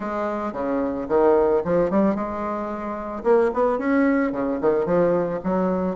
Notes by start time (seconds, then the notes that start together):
0.00 G#3
0.53 C#3
1.08 D#3
1.64 F3
1.90 G3
2.15 G#3
3.23 A#3
3.53 B3
3.78 C#4
4.32 C#3
4.60 D#3
4.85 F3
5.43 F#3